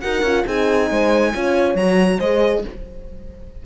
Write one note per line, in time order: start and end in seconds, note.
0.00 0.22 D#4
0.00 0.23 F#4
0.00 0.45 A#4
0.00 0.44 F#5
0.22 0.44 C#4
0.22 0.46 F4
0.45 0.90 C4
0.45 1.33 D#4
0.45 0.89 G#4
0.45 1.76 G#5
0.90 1.34 G#3
0.90 1.33 C5
1.33 1.74 C#4
1.33 1.77 F4
1.33 2.19 C#5
1.74 2.18 F#3
1.74 2.21 F#4
1.74 2.19 A#5
2.19 2.64 G#3
2.19 2.65 G#4
2.19 2.62 C5
2.19 2.63 D#5